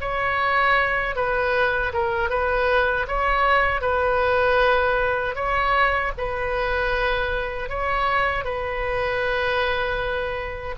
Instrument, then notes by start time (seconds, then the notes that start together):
oboe
0.00 C#5
1.15 B4
1.93 A#4
2.29 B4
3.07 C#5
3.81 B4
5.35 C#5
6.17 B4
7.69 C#5
8.44 B4